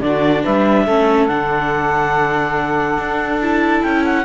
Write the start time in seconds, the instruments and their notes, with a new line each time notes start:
0.00 cello D3, viola D4, saxophone F#4, clarinet D5
0.43 cello G3, saxophone B4, clarinet E5
0.85 cello A3, viola C#4, saxophone A4
1.27 cello D3, viola D4, clarinet F#5
2.98 cello D4
3.41 viola E4, clarinet A5
3.82 cello C#4, clarinet G5
4.04 clarinet F#5